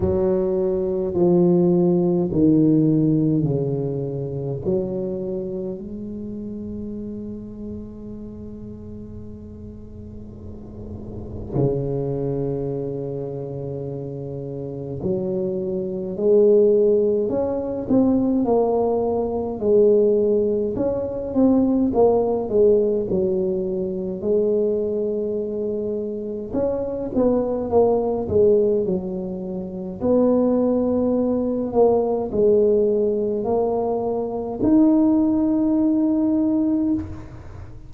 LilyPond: \new Staff \with { instrumentName = "tuba" } { \time 4/4 \tempo 4 = 52 fis4 f4 dis4 cis4 | fis4 gis2.~ | gis2 cis2~ | cis4 fis4 gis4 cis'8 c'8 |
ais4 gis4 cis'8 c'8 ais8 gis8 | fis4 gis2 cis'8 b8 | ais8 gis8 fis4 b4. ais8 | gis4 ais4 dis'2 | }